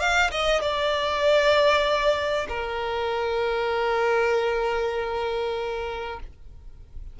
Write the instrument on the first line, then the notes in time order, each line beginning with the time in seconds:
violin
0.00 F5
0.31 D#5
0.62 D5
2.49 A#4